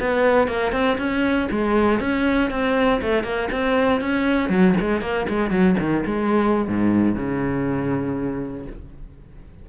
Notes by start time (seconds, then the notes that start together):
0.00 B3
0.48 A#3
0.72 C4
0.98 C#4
1.50 G#3
2.00 C#4
2.50 C4
3.01 A3
3.23 A#3
3.51 C4
4.01 C#4
4.49 F#3
4.80 G#3
5.01 A#3
5.29 G#3
5.50 F#3
5.79 D#3
6.06 G#3
6.68 G#2
7.15 C#3